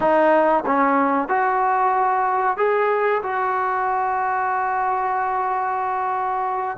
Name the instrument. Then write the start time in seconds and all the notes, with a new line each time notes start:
trombone
0.00 D#4
0.66 C#4
1.28 F#4
2.57 G#4
3.23 F#4